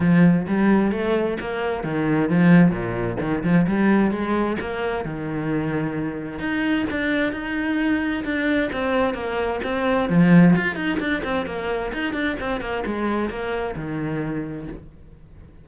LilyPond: \new Staff \with { instrumentName = "cello" } { \time 4/4 \tempo 4 = 131 f4 g4 a4 ais4 | dis4 f4 ais,4 dis8 f8 | g4 gis4 ais4 dis4~ | dis2 dis'4 d'4 |
dis'2 d'4 c'4 | ais4 c'4 f4 f'8 dis'8 | d'8 c'8 ais4 dis'8 d'8 c'8 ais8 | gis4 ais4 dis2 | }